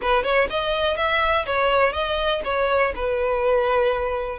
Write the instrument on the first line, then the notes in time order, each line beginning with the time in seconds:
violin
0.01 B4
0.23 C#5
0.49 D#5
0.96 E5
1.45 C#5
1.92 D#5
2.44 C#5
2.95 B4